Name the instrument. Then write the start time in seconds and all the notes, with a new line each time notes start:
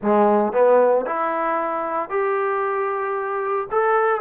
trombone
0.02 G#3
0.53 B3
1.06 E4
2.09 G4
3.71 A4